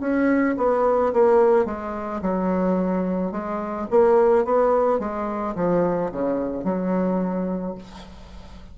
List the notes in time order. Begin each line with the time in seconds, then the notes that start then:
0.00 C#4
0.57 B3
1.13 A#3
1.65 G#3
2.22 F#3
3.31 G#3
3.90 A#3
4.44 B3
4.99 G#3
5.55 F3
6.11 C#3
6.64 F#3